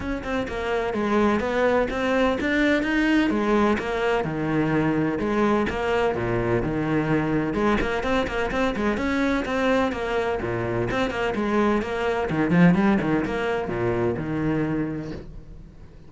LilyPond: \new Staff \with { instrumentName = "cello" } { \time 4/4 \tempo 4 = 127 cis'8 c'8 ais4 gis4 b4 | c'4 d'4 dis'4 gis4 | ais4 dis2 gis4 | ais4 ais,4 dis2 |
gis8 ais8 c'8 ais8 c'8 gis8 cis'4 | c'4 ais4 ais,4 c'8 ais8 | gis4 ais4 dis8 f8 g8 dis8 | ais4 ais,4 dis2 | }